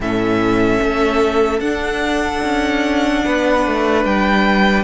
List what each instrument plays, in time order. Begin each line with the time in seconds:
0.00 cello A2, viola C#4, violin A4 E5
0.82 cello A3
1.60 cello D4, viola D4, violin F#5
2.42 cello C#4
3.24 cello B3, violin B4
3.66 cello A3
4.05 cello G3, violin G5